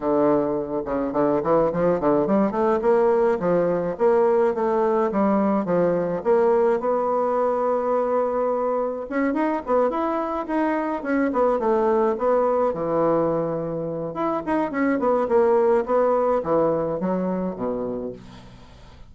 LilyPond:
\new Staff \with { instrumentName = "bassoon" } { \time 4/4 \tempo 4 = 106 d4. cis8 d8 e8 f8 d8 | g8 a8 ais4 f4 ais4 | a4 g4 f4 ais4 | b1 |
cis'8 dis'8 b8 e'4 dis'4 cis'8 | b8 a4 b4 e4.~ | e4 e'8 dis'8 cis'8 b8 ais4 | b4 e4 fis4 b,4 | }